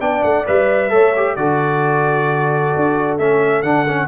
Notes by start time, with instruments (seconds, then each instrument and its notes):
0.00 tuba B3, trombone D4, horn D5, trumpet G5
0.24 tuba A3, trumpet F#5
0.47 tuba G3, trombone B4, trumpet E5
0.90 tuba A3, trombone A4, horn C#5
1.16 trombone G4
1.36 tuba D3, trombone F#4, horn A4, trumpet D5
2.76 tuba D4
3.19 tuba A3, trombone C#4, trumpet E5
3.62 tuba D3, trombone D4, trumpet F#5
3.89 trombone C#4